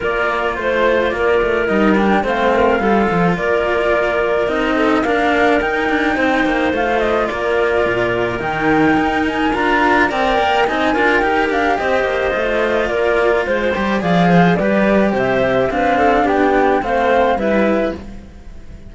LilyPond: <<
  \new Staff \with { instrumentName = "flute" } { \time 4/4 \tempo 4 = 107 d''4 c''4 d''4 dis''8 g''8 | f''2 d''2 | dis''4 f''4 g''2 | f''8 dis''8 d''2 g''4~ |
g''8 gis''8 ais''4 g''4 gis''4 | g''8 f''8 dis''2 d''4 | c''4 f''4 d''4 e''4 | f''4 g''4 f''4 e''4 | }
  \new Staff \with { instrumentName = "clarinet" } { \time 4/4 ais'4 c''4 ais'2 | c''8 ais'8 a'4 ais'2~ | ais'8 a'8 ais'2 c''4~ | c''4 ais'2.~ |
ais'2 d''4 dis''8 ais'8~ | ais'4 c''2 ais'4 | c''4 d''8 c''8 b'4 c''4 | b'8 a'8 g'4 c''4 b'4 | }
  \new Staff \with { instrumentName = "cello" } { \time 4/4 f'2. dis'8 d'8 | c'4 f'2. | dis'4 d'4 dis'2 | f'2. dis'4~ |
dis'4 f'4 ais'4 dis'8 f'8 | g'2 f'2~ | f'8 g'8 gis'4 g'2 | d'2 c'4 e'4 | }
  \new Staff \with { instrumentName = "cello" } { \time 4/4 ais4 a4 ais8 a8 g4 | a4 g8 f8 ais2 | c'4 ais4 dis'8 d'8 c'8 ais8 | a4 ais4 ais,4 dis4 |
dis'4 d'4 c'8 ais8 c'8 d'8 | dis'8 d'8 c'8 ais8 a4 ais4 | gis8 g8 f4 g4 c4 | c'4 b4 a4 g4 | }
>>